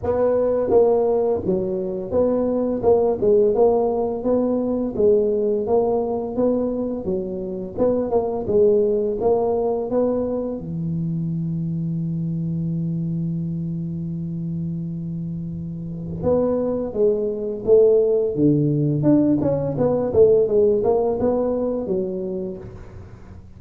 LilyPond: \new Staff \with { instrumentName = "tuba" } { \time 4/4 \tempo 4 = 85 b4 ais4 fis4 b4 | ais8 gis8 ais4 b4 gis4 | ais4 b4 fis4 b8 ais8 | gis4 ais4 b4 e4~ |
e1~ | e2. b4 | gis4 a4 d4 d'8 cis'8 | b8 a8 gis8 ais8 b4 fis4 | }